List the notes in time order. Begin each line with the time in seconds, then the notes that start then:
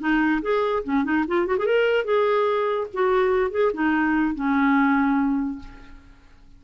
0.00 D#4
0.42 G#4
0.84 C#4
1.04 D#4
1.28 F4
1.47 F#4
1.59 G#4
1.66 A#4
2.05 G#4
2.94 F#4
3.51 G#4
3.74 D#4
4.35 C#4